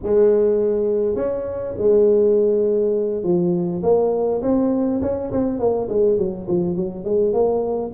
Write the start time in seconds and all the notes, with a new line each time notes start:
0.03 G#3
1.15 C#4
1.77 G#3
3.23 F3
3.82 A#3
4.41 C4
5.01 C#4
5.31 C4
5.59 A#3
5.89 G#3
6.17 F#3
6.47 F3
6.76 F#3
7.04 G#3
7.33 A#3